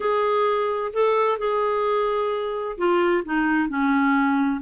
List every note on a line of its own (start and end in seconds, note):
0.00 0.92 G#4
0.93 1.38 A4
1.38 2.77 G#4
2.77 3.23 F4
3.24 3.68 D#4
3.68 4.61 C#4